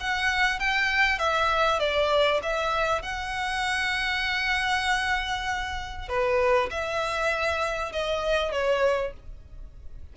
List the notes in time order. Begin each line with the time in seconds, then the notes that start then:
0.00 F#5
0.59 G5
1.18 E5
1.79 D5
2.43 E5
3.02 F#5
6.08 B4
6.70 E5
7.92 D#5
8.52 C#5